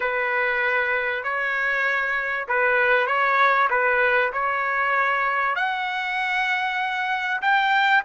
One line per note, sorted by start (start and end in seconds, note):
0.00 1.23 B4
1.23 2.47 C#5
2.47 3.06 B4
3.06 3.68 C#5
3.70 4.32 B4
4.32 5.55 C#5
5.55 7.41 F#5
7.41 8.03 G5